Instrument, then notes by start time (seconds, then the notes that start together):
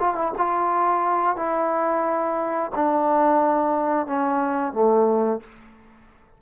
trombone
0.00 F4
0.15 E4
0.38 F4
1.36 E4
2.76 D4
4.07 C#4
4.73 A3